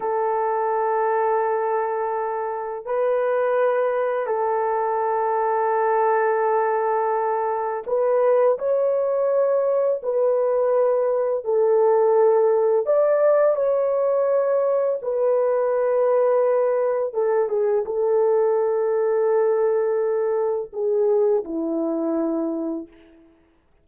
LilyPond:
\new Staff \with { instrumentName = "horn" } { \time 4/4 \tempo 4 = 84 a'1 | b'2 a'2~ | a'2. b'4 | cis''2 b'2 |
a'2 d''4 cis''4~ | cis''4 b'2. | a'8 gis'8 a'2.~ | a'4 gis'4 e'2 | }